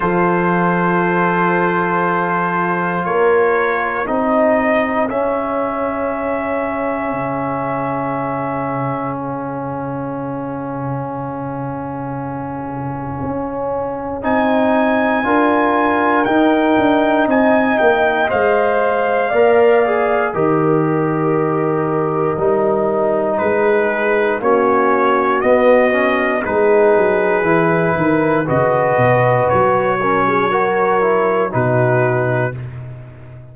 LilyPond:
<<
  \new Staff \with { instrumentName = "trumpet" } { \time 4/4 \tempo 4 = 59 c''2. cis''4 | dis''4 e''2.~ | e''4 f''2.~ | f''2 gis''2 |
g''4 gis''8 g''8 f''2 | dis''2. b'4 | cis''4 dis''4 b'2 | dis''4 cis''2 b'4 | }
  \new Staff \with { instrumentName = "horn" } { \time 4/4 a'2. ais'4 | gis'1~ | gis'1~ | gis'2. ais'4~ |
ais'4 dis''2 d''4 | ais'2. gis'4 | fis'2 gis'4. ais'8 | b'4. ais'16 gis'16 ais'4 fis'4 | }
  \new Staff \with { instrumentName = "trombone" } { \time 4/4 f'1 | dis'4 cis'2.~ | cis'1~ | cis'2 dis'4 f'4 |
dis'2 c''4 ais'8 gis'8 | g'2 dis'2 | cis'4 b8 cis'8 dis'4 e'4 | fis'4. cis'8 fis'8 e'8 dis'4 | }
  \new Staff \with { instrumentName = "tuba" } { \time 4/4 f2. ais4 | c'4 cis'2 cis4~ | cis1~ | cis4 cis'4 c'4 d'4 |
dis'8 d'8 c'8 ais8 gis4 ais4 | dis2 g4 gis4 | ais4 b4 gis8 fis8 e8 dis8 | cis8 b,8 fis2 b,4 | }
>>